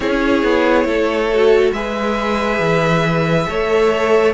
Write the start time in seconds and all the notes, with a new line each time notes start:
0.00 C#4 E4 G#4 C#5
0.43 B3
0.84 A3 A4
1.33 F#4
1.72 G#3 G#4 B4 E5
2.59 E3
3.48 A3 A4 C#5